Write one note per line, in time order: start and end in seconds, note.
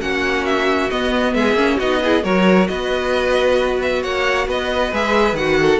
0.00 0.90 A#3
0.00 0.90 C#4
0.00 1.35 F#4
0.00 0.45 F#5
0.45 0.90 E5
0.90 1.56 B3
0.90 1.34 B3
0.90 1.34 D#5
1.34 1.53 G#3
1.34 1.77 G#4
1.34 1.79 E5
1.53 1.76 A#3
1.53 1.79 C#4
1.77 2.24 B3
1.77 2.04 D#4
1.77 1.99 F#4
1.77 2.24 D#5
2.04 2.23 E4
2.04 2.24 G#4
2.23 2.68 F#3
2.23 4.91 F#4
2.23 2.68 A#4
2.23 2.67 C#5
2.67 4.04 B3
2.67 4.02 B4
2.67 3.79 D#5
3.82 4.03 E5
4.02 4.47 A#3
4.02 4.47 C#5
4.02 4.48 F#5
4.47 4.92 B3
4.47 5.60 B4
4.47 4.94 D#5
4.92 5.33 G#3
4.92 5.38 G#4
4.92 5.36 E5
5.33 5.78 D#3
5.33 5.80 F#4
5.33 5.80 F#5
5.60 5.80 A4